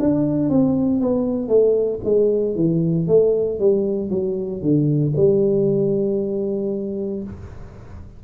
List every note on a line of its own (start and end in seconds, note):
0.00 0.50 D4
0.50 1.01 C4
1.01 1.49 B3
1.49 2.00 A3
2.05 2.56 G#3
2.56 3.08 E3
3.08 3.60 A3
3.60 4.11 G3
4.11 4.62 F#3
4.62 5.14 D3
5.17 7.24 G3